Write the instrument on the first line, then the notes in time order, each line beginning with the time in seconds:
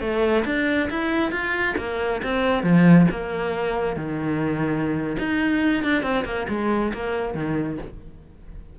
cello
0.00 A3
0.45 D4
0.90 E4
1.31 F4
1.77 A#3
2.23 C4
2.63 F3
3.10 A#3
3.96 D#3
5.19 D#4
5.83 D4
6.02 C4
6.24 A#3
6.49 G#3
6.93 A#3
7.34 D#3